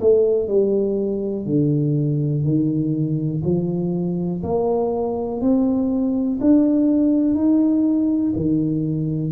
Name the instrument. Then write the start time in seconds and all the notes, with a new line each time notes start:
tuba
0.00 A3
0.47 G3
1.45 D3
2.44 D#3
3.44 F3
4.43 A#3
5.41 C4
6.40 D4
7.34 D#4
8.36 D#3